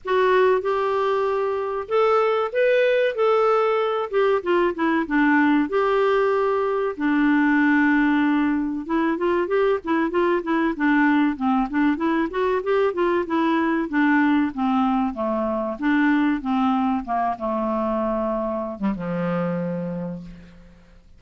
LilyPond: \new Staff \with { instrumentName = "clarinet" } { \time 4/4 \tempo 4 = 95 fis'4 g'2 a'4 | b'4 a'4. g'8 f'8 e'8 | d'4 g'2 d'4~ | d'2 e'8 f'8 g'8 e'8 |
f'8 e'8 d'4 c'8 d'8 e'8 fis'8 | g'8 f'8 e'4 d'4 c'4 | a4 d'4 c'4 ais8 a8~ | a4.~ a16 g16 f2 | }